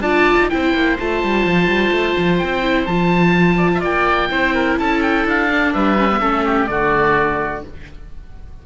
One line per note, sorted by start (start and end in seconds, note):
0.00 0.36 D4
0.00 0.50 F4
0.00 0.49 D5
0.00 0.49 A5
0.39 0.51 D#4
0.50 0.73 C4
0.50 0.97 E4
0.50 3.57 C5
0.50 0.97 G5
0.73 0.97 A#3
0.99 1.23 A3
0.99 2.62 F4
0.99 2.38 A5
1.24 1.45 G3
1.45 1.66 F3
1.66 1.90 G3
1.91 2.15 A3
2.18 2.41 F3
2.38 2.86 C4
2.38 2.86 G5
2.62 2.86 E4
2.86 3.82 F3
2.86 4.30 F4
2.86 3.81 A5
3.57 3.69 D5
3.74 3.80 E5
3.80 4.29 A#3
3.80 4.28 D5
3.80 4.78 G5
4.30 4.78 C4
4.30 5.49 E4
4.30 4.54 C5
4.54 4.78 A#4
4.78 5.25 C#4
4.78 5.74 A4
4.78 5.02 A5
5.02 5.26 G5
5.25 5.73 D4
5.25 5.73 F5
5.50 5.98 D4
5.73 6.21 G3
5.73 6.20 B4
5.73 6.66 E5
5.98 6.10 C#4
6.11 6.20 B3
6.20 6.68 A3
6.20 6.67 C#4
6.20 6.44 A4
6.45 6.68 G4
6.66 7.64 D3
6.66 7.62 A3
6.66 7.66 F#4
6.66 7.61 D5